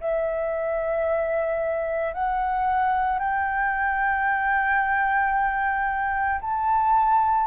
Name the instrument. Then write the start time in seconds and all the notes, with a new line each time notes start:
flute
0.00 E5
2.13 F#5
3.19 G5
6.41 A5